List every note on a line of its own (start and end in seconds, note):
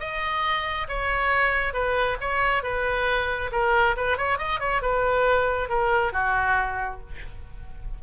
0.00 0.88 D#5
0.89 1.73 C#5
1.73 2.17 B4
2.21 2.63 C#5
2.63 3.51 B4
3.52 3.96 A#4
3.97 4.18 B4
4.18 4.38 C#5
4.38 4.60 D#5
4.60 4.82 C#5
4.82 5.69 B4
5.69 6.13 A#4
6.13 7.00 F#4